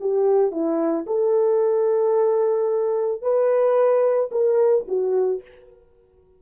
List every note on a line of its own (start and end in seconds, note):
0.00 0.51 G4
0.51 1.05 E4
1.07 3.22 A4
3.22 4.30 B4
4.31 4.85 A#4
4.88 5.42 F#4